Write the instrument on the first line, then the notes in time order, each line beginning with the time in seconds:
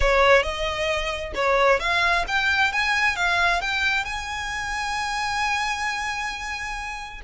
violin
0.00 C#5
0.42 D#5
1.34 C#5
1.79 F5
2.27 G5
2.72 G#5
3.16 F5
3.61 G5
4.04 G#5